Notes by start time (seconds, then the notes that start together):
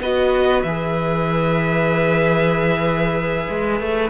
0.00 B3 F#4 B4 D#5
0.62 E3 G#4 E5
3.49 G#3
3.80 A3